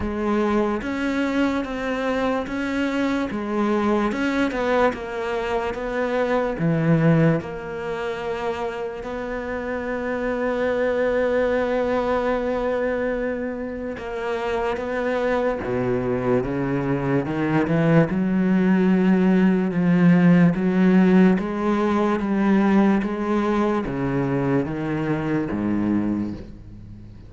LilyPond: \new Staff \with { instrumentName = "cello" } { \time 4/4 \tempo 4 = 73 gis4 cis'4 c'4 cis'4 | gis4 cis'8 b8 ais4 b4 | e4 ais2 b4~ | b1~ |
b4 ais4 b4 b,4 | cis4 dis8 e8 fis2 | f4 fis4 gis4 g4 | gis4 cis4 dis4 gis,4 | }